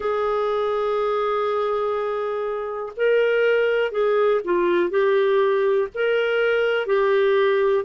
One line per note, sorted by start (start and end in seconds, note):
0.00 2.92 G#4
2.96 3.91 A#4
3.91 4.40 G#4
4.44 4.90 F4
4.90 5.88 G4
5.94 6.86 A#4
6.86 7.84 G4